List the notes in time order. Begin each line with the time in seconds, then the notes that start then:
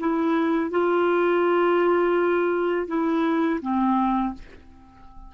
0.00 E4
0.71 F4
2.88 E4
3.62 C4